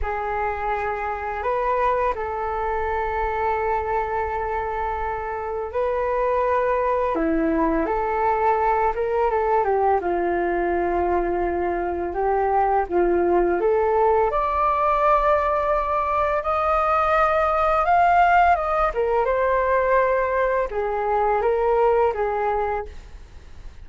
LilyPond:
\new Staff \with { instrumentName = "flute" } { \time 4/4 \tempo 4 = 84 gis'2 b'4 a'4~ | a'1 | b'2 e'4 a'4~ | a'8 ais'8 a'8 g'8 f'2~ |
f'4 g'4 f'4 a'4 | d''2. dis''4~ | dis''4 f''4 dis''8 ais'8 c''4~ | c''4 gis'4 ais'4 gis'4 | }